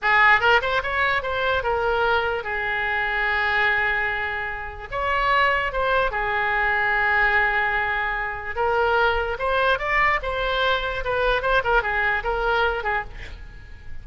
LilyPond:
\new Staff \with { instrumentName = "oboe" } { \time 4/4 \tempo 4 = 147 gis'4 ais'8 c''8 cis''4 c''4 | ais'2 gis'2~ | gis'1 | cis''2 c''4 gis'4~ |
gis'1~ | gis'4 ais'2 c''4 | d''4 c''2 b'4 | c''8 ais'8 gis'4 ais'4. gis'8 | }